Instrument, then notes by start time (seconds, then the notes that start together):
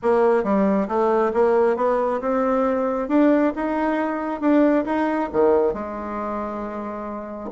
bassoon
0.02 A#3
0.43 G3
0.88 A3
1.33 A#3
1.76 B3
2.20 C4
3.08 D4
3.55 D#4
4.40 D4
4.85 D#4
5.32 D#3
5.73 G#3